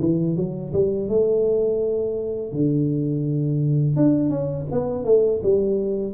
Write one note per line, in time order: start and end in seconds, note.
0.00 0.36 E3
0.36 0.72 F#3
0.73 1.08 G3
1.08 2.52 A3
2.52 3.96 D3
3.96 4.29 D4
4.29 4.66 C#4
4.71 5.04 B3
5.04 5.41 A3
5.42 6.13 G3